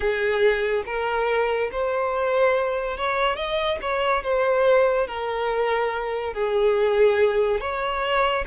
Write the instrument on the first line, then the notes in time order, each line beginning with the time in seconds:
violin
0.00 G#4
0.85 A#4
1.71 C5
2.97 C#5
3.36 D#5
3.81 C#5
4.23 C5
5.07 A#4
6.33 G#4
7.60 C#5